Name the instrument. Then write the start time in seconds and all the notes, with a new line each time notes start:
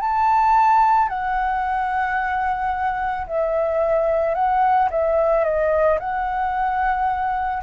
flute
0.00 A5
1.09 F#5
3.27 E5
4.34 F#5
4.90 E5
5.44 D#5
6.00 F#5